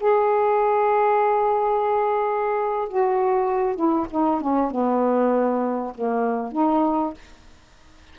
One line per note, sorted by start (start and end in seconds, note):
0.00 2.89 G#4
2.89 3.76 F#4
3.76 4.07 E4
4.11 4.41 D#4
4.41 4.71 C#4
4.71 5.93 B3
5.95 6.52 A#3
6.52 7.14 D#4